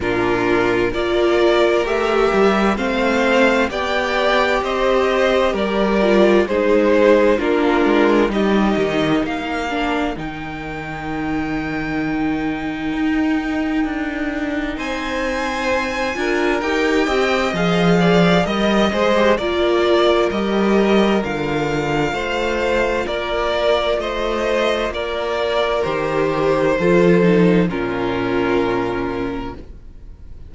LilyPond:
<<
  \new Staff \with { instrumentName = "violin" } { \time 4/4 \tempo 4 = 65 ais'4 d''4 e''4 f''4 | g''4 dis''4 d''4 c''4 | ais'4 dis''4 f''4 g''4~ | g''1 |
gis''2 g''4 f''4 | dis''8 c''8 d''4 dis''4 f''4~ | f''4 d''4 dis''4 d''4 | c''2 ais'2 | }
  \new Staff \with { instrumentName = "violin" } { \time 4/4 f'4 ais'2 c''4 | d''4 c''4 ais'4 gis'4 | f'4 g'4 ais'2~ | ais'1 |
c''4. ais'4 dis''4 d''8 | dis''4 ais'2. | c''4 ais'4 c''4 ais'4~ | ais'4 a'4 f'2 | }
  \new Staff \with { instrumentName = "viola" } { \time 4/4 d'4 f'4 g'4 c'4 | g'2~ g'8 f'8 dis'4 | d'4 dis'4. d'8 dis'4~ | dis'1~ |
dis'4. f'8 g'4 gis'4 | ais'8 gis'16 g'16 f'4 g'4 f'4~ | f'1 | g'4 f'8 dis'8 cis'2 | }
  \new Staff \with { instrumentName = "cello" } { \time 4/4 ais,4 ais4 a8 g8 a4 | b4 c'4 g4 gis4 | ais8 gis8 g8 dis8 ais4 dis4~ | dis2 dis'4 d'4 |
c'4. d'8 dis'8 c'8 f4 | g8 gis8 ais4 g4 d4 | a4 ais4 a4 ais4 | dis4 f4 ais,2 | }
>>